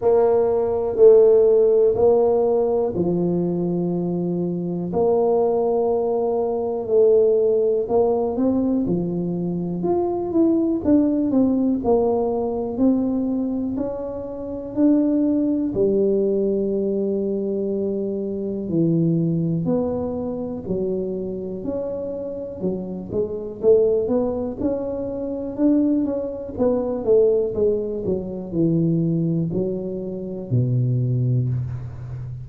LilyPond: \new Staff \with { instrumentName = "tuba" } { \time 4/4 \tempo 4 = 61 ais4 a4 ais4 f4~ | f4 ais2 a4 | ais8 c'8 f4 f'8 e'8 d'8 c'8 | ais4 c'4 cis'4 d'4 |
g2. e4 | b4 fis4 cis'4 fis8 gis8 | a8 b8 cis'4 d'8 cis'8 b8 a8 | gis8 fis8 e4 fis4 b,4 | }